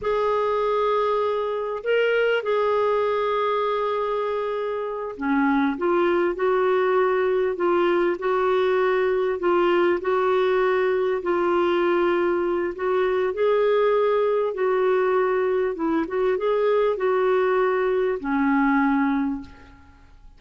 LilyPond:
\new Staff \with { instrumentName = "clarinet" } { \time 4/4 \tempo 4 = 99 gis'2. ais'4 | gis'1~ | gis'8 cis'4 f'4 fis'4.~ | fis'8 f'4 fis'2 f'8~ |
f'8 fis'2 f'4.~ | f'4 fis'4 gis'2 | fis'2 e'8 fis'8 gis'4 | fis'2 cis'2 | }